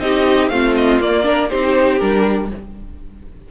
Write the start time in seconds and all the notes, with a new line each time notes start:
0.00 C4 D#4 G4 D#5
0.49 A3 C4 F4 F5
0.76 D#5
1.01 A#3 D5
1.23 D4 A#4
1.50 C4 D#4 G4 C5
1.98 G3 D4 A#4